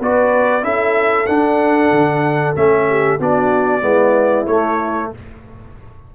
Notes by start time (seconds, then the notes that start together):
0.00 B3 F#4 B4 D5
0.62 C#4 E4 A4 E5
1.27 D4 F#5
1.91 D3
2.56 A3 C#4 E5
2.89 G4
3.19 B3 D4 F#4 D5
3.81 G#3 B3 E4
4.47 A3 C#5